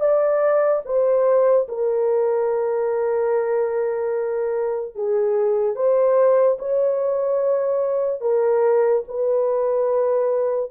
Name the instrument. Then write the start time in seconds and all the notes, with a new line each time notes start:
horn
0.00 D5
0.85 C5
1.68 A#4
4.95 G#4
5.76 C5
6.59 C#5
8.21 A#4
9.08 B4